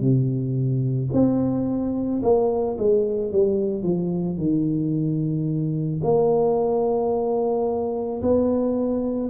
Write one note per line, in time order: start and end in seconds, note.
0.00 1.09 C3
1.13 2.22 C4
2.23 2.77 A#3
2.78 3.32 G#3
3.32 3.83 G3
3.83 4.37 F3
4.37 6.01 D#3
6.03 8.22 A#3
8.22 9.30 B3